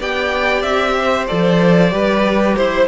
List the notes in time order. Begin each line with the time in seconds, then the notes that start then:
0.00 B3 G4 D5 G5
0.62 C4 E5
0.99 C5
1.27 F3 A4 D5
1.90 G3 G4 B4
2.56 E4 C5